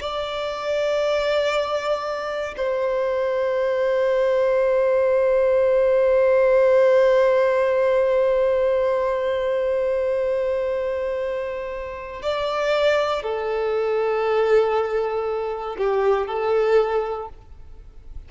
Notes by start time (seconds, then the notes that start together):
0.00 D5
2.57 C5
12.22 D5
13.22 A4
15.77 G4
16.27 A4